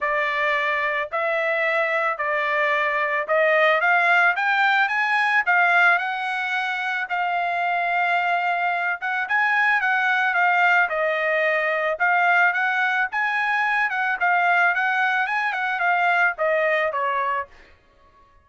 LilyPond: \new Staff \with { instrumentName = "trumpet" } { \time 4/4 \tempo 4 = 110 d''2 e''2 | d''2 dis''4 f''4 | g''4 gis''4 f''4 fis''4~ | fis''4 f''2.~ |
f''8 fis''8 gis''4 fis''4 f''4 | dis''2 f''4 fis''4 | gis''4. fis''8 f''4 fis''4 | gis''8 fis''8 f''4 dis''4 cis''4 | }